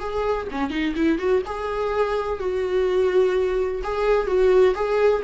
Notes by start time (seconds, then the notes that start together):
0.00 G#4
0.52 C#4
0.71 D#4
0.97 E4
1.19 F#4
1.46 G#4
2.40 F#4
3.84 G#4
4.27 F#4
4.76 G#4